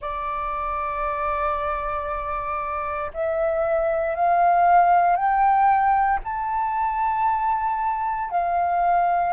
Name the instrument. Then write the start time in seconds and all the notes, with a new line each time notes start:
flute
0.00 D5
3.13 E5
4.15 F5
5.16 G5
6.24 A5
8.30 F5